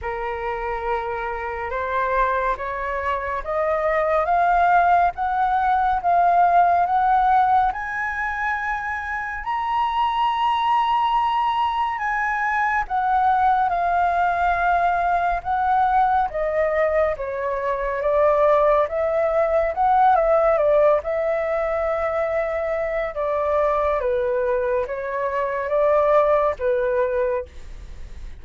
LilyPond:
\new Staff \with { instrumentName = "flute" } { \time 4/4 \tempo 4 = 70 ais'2 c''4 cis''4 | dis''4 f''4 fis''4 f''4 | fis''4 gis''2 ais''4~ | ais''2 gis''4 fis''4 |
f''2 fis''4 dis''4 | cis''4 d''4 e''4 fis''8 e''8 | d''8 e''2~ e''8 d''4 | b'4 cis''4 d''4 b'4 | }